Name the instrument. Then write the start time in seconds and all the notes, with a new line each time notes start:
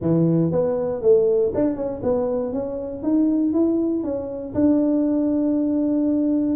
tuba
0.01 E3
0.51 B3
1.02 A3
1.54 D4
1.76 C#4
2.03 B3
2.53 C#4
3.02 D#4
3.53 E4
4.03 C#4
4.54 D4